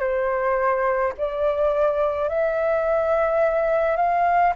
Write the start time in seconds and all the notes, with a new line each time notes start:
0.00 C5
1.18 D5
2.30 E5
3.97 F5